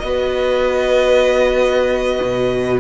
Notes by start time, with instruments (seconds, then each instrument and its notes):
0.00 cello B3, viola F#4, violin B4 D#5
2.22 cello B2